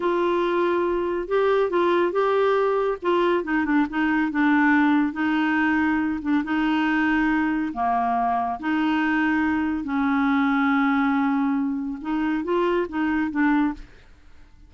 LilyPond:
\new Staff \with { instrumentName = "clarinet" } { \time 4/4 \tempo 4 = 140 f'2. g'4 | f'4 g'2 f'4 | dis'8 d'8 dis'4 d'2 | dis'2~ dis'8 d'8 dis'4~ |
dis'2 ais2 | dis'2. cis'4~ | cis'1 | dis'4 f'4 dis'4 d'4 | }